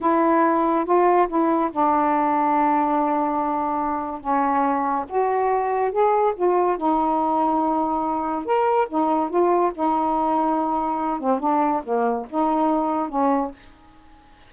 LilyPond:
\new Staff \with { instrumentName = "saxophone" } { \time 4/4 \tempo 4 = 142 e'2 f'4 e'4 | d'1~ | d'2 cis'2 | fis'2 gis'4 f'4 |
dis'1 | ais'4 dis'4 f'4 dis'4~ | dis'2~ dis'8 c'8 d'4 | ais4 dis'2 cis'4 | }